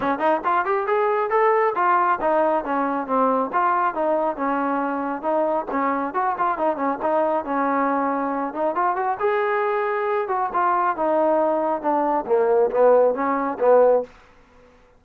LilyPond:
\new Staff \with { instrumentName = "trombone" } { \time 4/4 \tempo 4 = 137 cis'8 dis'8 f'8 g'8 gis'4 a'4 | f'4 dis'4 cis'4 c'4 | f'4 dis'4 cis'2 | dis'4 cis'4 fis'8 f'8 dis'8 cis'8 |
dis'4 cis'2~ cis'8 dis'8 | f'8 fis'8 gis'2~ gis'8 fis'8 | f'4 dis'2 d'4 | ais4 b4 cis'4 b4 | }